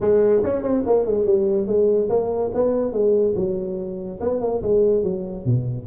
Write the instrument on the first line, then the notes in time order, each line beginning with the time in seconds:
tuba
0.01 G#3
0.43 C#4
0.62 C4
0.86 A#3
1.05 G#3
1.25 G3
1.66 G#3
2.09 A#3
2.54 B3
2.92 G#3
3.35 F#3
4.20 B3
4.41 A#3
4.62 G#3
5.03 F#3
5.45 B2